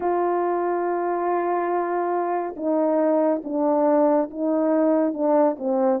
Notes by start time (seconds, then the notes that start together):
0.00 F4
2.56 D#4
3.44 D4
4.30 D#4
5.13 D4
5.58 C4